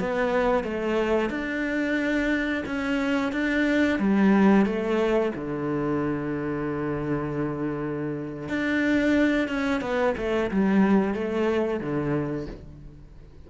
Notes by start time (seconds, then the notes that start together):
0.00 B3
0.64 A3
1.30 D4
2.66 C#4
3.32 D4
3.99 G3
4.66 A3
5.35 D3
8.48 D4
9.48 C#4
9.81 B3
10.17 A3
10.51 G3
11.14 A3
11.80 D3